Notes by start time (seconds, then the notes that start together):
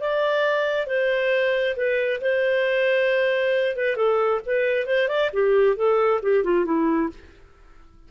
0.00 D5
0.86 C5
1.76 B4
2.21 C5
3.76 B4
3.96 A4
4.45 B4
4.86 C5
5.08 D5
5.33 G4
5.76 A4
6.22 G4
6.44 F4
6.64 E4